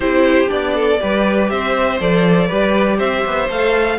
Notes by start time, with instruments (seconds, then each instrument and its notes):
0.00 cello C4, viola E4, violin G4 C5
0.47 cello B3, viola D4, violin D5
0.75 violin A4
0.99 cello G3, viola G4, violin B4
1.49 cello C4, violin C5 E5
2.00 cello F3, viola A4, violin D5
2.46 cello G3, viola G4, violin B4
2.97 cello C4, violin C5 E5
3.25 cello B3
3.48 cello A3, viola A4, violin F5